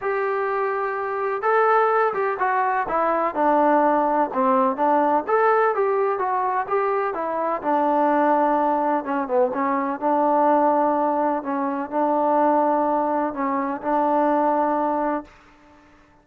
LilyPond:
\new Staff \with { instrumentName = "trombone" } { \time 4/4 \tempo 4 = 126 g'2. a'4~ | a'8 g'8 fis'4 e'4 d'4~ | d'4 c'4 d'4 a'4 | g'4 fis'4 g'4 e'4 |
d'2. cis'8 b8 | cis'4 d'2. | cis'4 d'2. | cis'4 d'2. | }